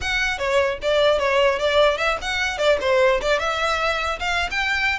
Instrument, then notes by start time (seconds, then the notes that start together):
violin
0.01 F#5
0.38 C#5
0.81 D5
1.18 C#5
1.59 D5
1.97 E5
2.21 F#5
2.58 D5
2.80 C5
3.21 D5
3.39 E5
4.19 F5
4.50 G5